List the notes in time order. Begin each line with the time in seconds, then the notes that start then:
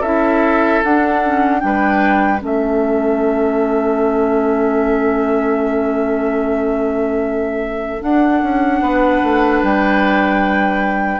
0.00 C#4 E4 A4 E5
0.84 D4 F#5
1.25 C#4
1.59 G3 D4 G5
1.66 B4
2.39 A3 C#4 A4
2.45 E5
8.00 D4 F#5
8.43 C#4
8.81 B3 B4
9.24 A3
9.63 G3 G5